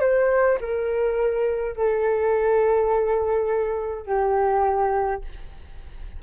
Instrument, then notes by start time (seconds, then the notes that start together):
flute
0.00 C5
0.60 A#4
1.76 A4
4.06 G4